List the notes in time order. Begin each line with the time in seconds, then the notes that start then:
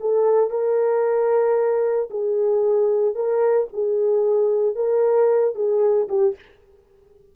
0.00 A4
0.50 A#4
2.10 G#4
3.15 A#4
3.73 G#4
4.75 A#4
5.55 G#4
6.09 G4